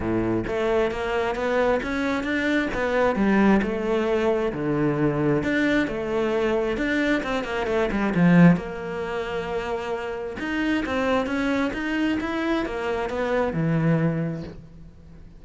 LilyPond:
\new Staff \with { instrumentName = "cello" } { \time 4/4 \tempo 4 = 133 a,4 a4 ais4 b4 | cis'4 d'4 b4 g4 | a2 d2 | d'4 a2 d'4 |
c'8 ais8 a8 g8 f4 ais4~ | ais2. dis'4 | c'4 cis'4 dis'4 e'4 | ais4 b4 e2 | }